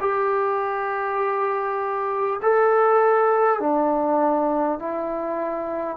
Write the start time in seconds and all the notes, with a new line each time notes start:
0.00 G4
2.42 A4
3.60 D4
4.79 E4